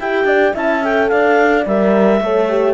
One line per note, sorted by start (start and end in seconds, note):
0.00 0.25 E4
0.00 0.55 G4
0.00 0.28 E5
0.00 0.56 G5
0.25 0.53 D4
0.25 0.55 D5
0.55 1.12 C#4
0.55 0.82 E4
0.55 1.11 E5
0.55 0.85 A5
0.83 1.66 A4
0.83 1.09 G5
1.09 1.66 D4
1.09 2.23 D5
1.09 1.65 F5
1.66 2.20 G3
1.66 2.24 A#4
1.66 2.75 E5
2.20 2.75 A3
2.20 2.49 A4
2.20 2.75 C#5
2.49 2.75 G4